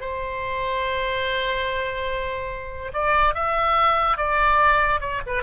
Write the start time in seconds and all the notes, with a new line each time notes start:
0.00 C5
2.93 D5
3.34 E5
4.17 D5
5.00 C#5
5.26 B4